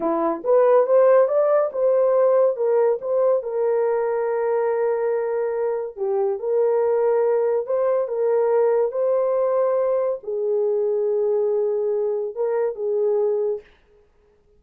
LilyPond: \new Staff \with { instrumentName = "horn" } { \time 4/4 \tempo 4 = 141 e'4 b'4 c''4 d''4 | c''2 ais'4 c''4 | ais'1~ | ais'2 g'4 ais'4~ |
ais'2 c''4 ais'4~ | ais'4 c''2. | gis'1~ | gis'4 ais'4 gis'2 | }